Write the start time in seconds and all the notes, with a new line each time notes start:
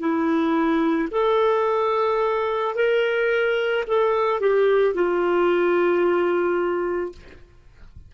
0.00 E4
1.12 A4
2.75 A#4
3.88 A4
4.40 G4
4.94 F4